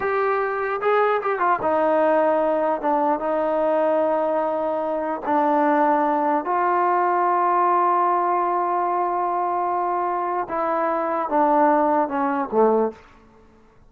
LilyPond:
\new Staff \with { instrumentName = "trombone" } { \time 4/4 \tempo 4 = 149 g'2 gis'4 g'8 f'8 | dis'2. d'4 | dis'1~ | dis'4 d'2. |
f'1~ | f'1~ | f'2 e'2 | d'2 cis'4 a4 | }